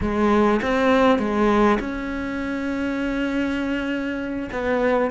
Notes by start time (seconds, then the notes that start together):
0.01 G#3
0.61 C4
1.18 G#3
1.79 C#4
4.51 B3